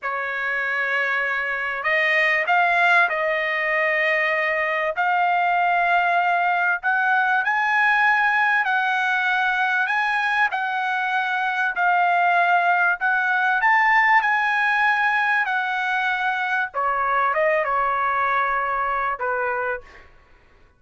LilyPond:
\new Staff \with { instrumentName = "trumpet" } { \time 4/4 \tempo 4 = 97 cis''2. dis''4 | f''4 dis''2. | f''2. fis''4 | gis''2 fis''2 |
gis''4 fis''2 f''4~ | f''4 fis''4 a''4 gis''4~ | gis''4 fis''2 cis''4 | dis''8 cis''2~ cis''8 b'4 | }